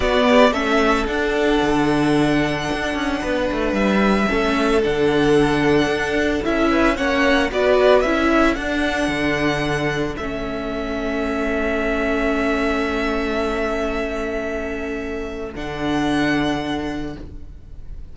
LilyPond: <<
  \new Staff \with { instrumentName = "violin" } { \time 4/4 \tempo 4 = 112 d''4 e''4 fis''2~ | fis''2. e''4~ | e''4 fis''2. | e''4 fis''4 d''4 e''4 |
fis''2. e''4~ | e''1~ | e''1~ | e''4 fis''2. | }
  \new Staff \with { instrumentName = "violin" } { \time 4/4 fis'8 g'8 a'2.~ | a'2 b'2 | a'1~ | a'8 b'8 cis''4 b'4. a'8~ |
a'1~ | a'1~ | a'1~ | a'1 | }
  \new Staff \with { instrumentName = "viola" } { \time 4/4 b4 cis'4 d'2~ | d'1 | cis'4 d'2. | e'4 cis'4 fis'4 e'4 |
d'2. cis'4~ | cis'1~ | cis'1~ | cis'4 d'2. | }
  \new Staff \with { instrumentName = "cello" } { \time 4/4 b4 a4 d'4 d4~ | d4 d'8 cis'8 b8 a8 g4 | a4 d2 d'4 | cis'4 ais4 b4 cis'4 |
d'4 d2 a4~ | a1~ | a1~ | a4 d2. | }
>>